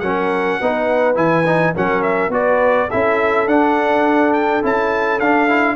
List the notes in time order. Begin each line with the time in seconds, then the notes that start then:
0.00 F#3 C#4 A#4 F#5
0.61 B3 D#4 B4
1.15 E3 E4 G#5
1.46 D#4
1.75 F#3 C#4 A#4 F#5
2.03 E5
2.29 B3 F#4 B4 D5
2.88 C#4 E4 A4 E5
3.47 D4 F#5
4.33 G5
4.62 C#4 E4 A5
5.20 D4 F5
5.49 E4